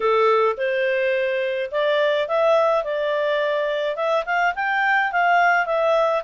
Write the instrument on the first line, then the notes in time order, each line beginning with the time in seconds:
clarinet
0.00 A4
0.57 C5
1.71 D5
2.28 E5
2.84 D5
3.96 E5
4.25 F5
4.55 G5
5.11 F5
5.66 E5